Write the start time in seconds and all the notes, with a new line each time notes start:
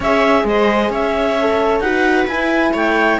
0.00 C#4 G#4 C#5 E5
0.44 G#3 C5 D#5
0.89 C#4 C#5 E5
1.40 A4
1.80 D#4 F#4 B4 F#5
2.27 E4 G#5
2.73 A3 C#5 G5